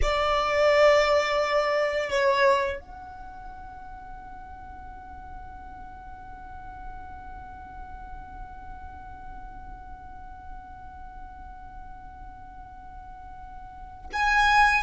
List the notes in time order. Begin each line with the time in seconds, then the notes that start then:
0.02 D5
2.10 C#5
2.80 F#5
14.12 G#5